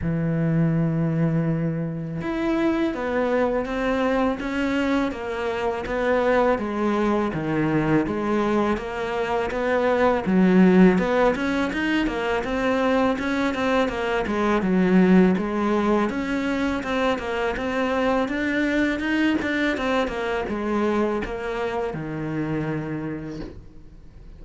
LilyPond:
\new Staff \with { instrumentName = "cello" } { \time 4/4 \tempo 4 = 82 e2. e'4 | b4 c'4 cis'4 ais4 | b4 gis4 dis4 gis4 | ais4 b4 fis4 b8 cis'8 |
dis'8 ais8 c'4 cis'8 c'8 ais8 gis8 | fis4 gis4 cis'4 c'8 ais8 | c'4 d'4 dis'8 d'8 c'8 ais8 | gis4 ais4 dis2 | }